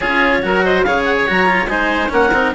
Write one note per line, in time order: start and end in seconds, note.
0.00 0.43 C#4
0.00 0.42 F4
0.00 0.39 G#4
0.00 0.64 C#5
0.42 0.85 F#3
0.42 0.84 F#4
0.42 0.64 A#4
0.64 0.85 C5
0.64 0.83 D#5
0.83 1.28 C#3
0.83 1.27 G#4
0.83 1.70 C#5
0.83 1.04 F5
1.05 1.15 F#5
1.17 1.28 C#5
1.27 1.66 F#3
1.27 1.46 F#4
1.27 1.68 A#5
1.46 1.67 F4
1.66 2.08 G#3
1.66 2.08 D#4
1.66 2.12 C5
1.66 2.10 G#5
2.08 2.32 A#3
2.08 2.30 C#4
2.08 2.54 A#4
2.08 2.54 F#5
2.32 2.53 C4
2.32 2.54 D#4